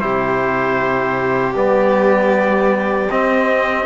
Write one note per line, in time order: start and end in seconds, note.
0.00 1.55 C3
0.00 1.54 E4
0.00 3.86 G4
0.00 1.54 C5
1.55 3.09 G3
1.55 3.09 B3
1.55 3.11 D5
3.11 3.86 C4
3.11 3.86 D#5